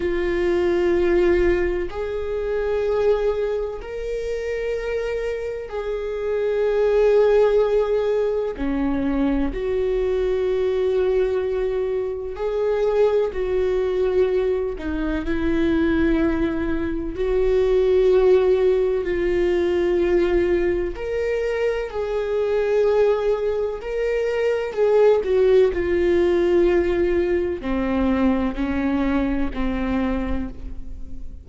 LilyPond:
\new Staff \with { instrumentName = "viola" } { \time 4/4 \tempo 4 = 63 f'2 gis'2 | ais'2 gis'2~ | gis'4 cis'4 fis'2~ | fis'4 gis'4 fis'4. dis'8 |
e'2 fis'2 | f'2 ais'4 gis'4~ | gis'4 ais'4 gis'8 fis'8 f'4~ | f'4 c'4 cis'4 c'4 | }